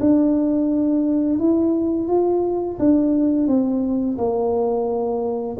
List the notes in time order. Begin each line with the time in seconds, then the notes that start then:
0.00 D4
1.39 E4
2.07 F4
2.79 D4
3.47 C4
4.17 A#3